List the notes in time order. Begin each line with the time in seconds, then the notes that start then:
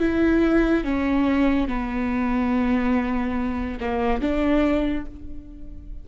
0.00 E4
0.85 C#4
1.69 B3
3.80 A#3
4.22 D4